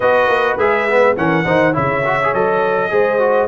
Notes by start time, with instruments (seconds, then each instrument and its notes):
0.00 tuba B3, trombone F#4, horn B4, trumpet D#5
0.28 tuba A#3
0.57 tuba G#3, trombone G#4, trumpet E5
0.88 trombone B3
1.16 tuba E3, trombone C#4, horn A#4, trumpet F#5
1.44 tuba D#3, trombone D#4, horn C5
1.72 tuba C#3, trombone E4, horn C#5, trumpet E5
2.05 trombone F#4
2.22 trombone G#4
2.33 tuba F#3, trombone A4, trumpet D#5
2.90 tuba G#3, trombone G#4, horn C5
3.19 trombone F#4